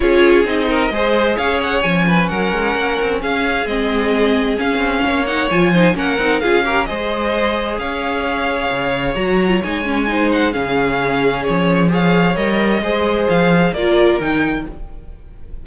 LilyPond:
<<
  \new Staff \with { instrumentName = "violin" } { \time 4/4 \tempo 4 = 131 cis''4 dis''2 f''8 fis''8 | gis''4 fis''2 f''4 | dis''2 f''4. fis''8 | gis''4 fis''4 f''4 dis''4~ |
dis''4 f''2. | ais''4 gis''4. fis''8 f''4~ | f''4 cis''4 f''4 dis''4~ | dis''4 f''4 d''4 g''4 | }
  \new Staff \with { instrumentName = "violin" } { \time 4/4 gis'4. ais'8 c''4 cis''4~ | cis''8 b'8 ais'2 gis'4~ | gis'2. cis''4~ | cis''8 c''8 ais'4 gis'8 ais'8 c''4~ |
c''4 cis''2.~ | cis''2 c''4 gis'4~ | gis'2 cis''2 | c''2 ais'2 | }
  \new Staff \with { instrumentName = "viola" } { \time 4/4 f'4 dis'4 gis'2 | cis'1 | c'2 cis'4. dis'8 | f'8 dis'8 cis'8 dis'8 f'8 g'8 gis'4~ |
gis'1 | fis'8. f'16 dis'8 cis'8 dis'4 cis'4~ | cis'2 gis'4 ais'4 | gis'2 f'4 dis'4 | }
  \new Staff \with { instrumentName = "cello" } { \time 4/4 cis'4 c'4 gis4 cis'4 | f4 fis8 gis8 ais8 c'8 cis'4 | gis2 cis'8 c'8 ais4 | f4 ais8 c'8 cis'4 gis4~ |
gis4 cis'2 cis4 | fis4 gis2 cis4~ | cis4 f2 g4 | gis4 f4 ais4 dis4 | }
>>